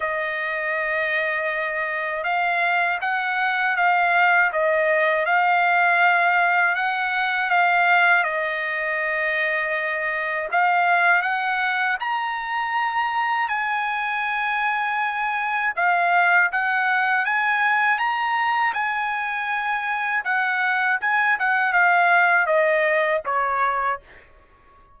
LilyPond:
\new Staff \with { instrumentName = "trumpet" } { \time 4/4 \tempo 4 = 80 dis''2. f''4 | fis''4 f''4 dis''4 f''4~ | f''4 fis''4 f''4 dis''4~ | dis''2 f''4 fis''4 |
ais''2 gis''2~ | gis''4 f''4 fis''4 gis''4 | ais''4 gis''2 fis''4 | gis''8 fis''8 f''4 dis''4 cis''4 | }